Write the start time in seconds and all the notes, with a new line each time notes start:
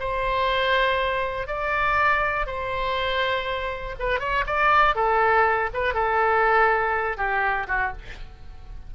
0.00 C5
1.48 D5
2.47 C5
3.99 B4
4.20 C#5
4.47 D5
4.95 A4
5.74 B4
5.94 A4
7.18 G4
7.68 F#4